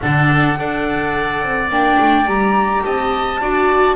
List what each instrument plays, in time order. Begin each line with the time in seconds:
0.00 double bass D3, viola D4, oboe A4, flute F#5
0.57 double bass D4, viola A4, oboe D5
1.42 double bass C4
1.69 double bass A#3, viola D4, flute G5
1.99 double bass A3
2.26 double bass G3, viola G4, flute A#5
2.83 double bass C4, oboe D#5, flute A5
3.40 double bass D4, viola F#4, oboe D5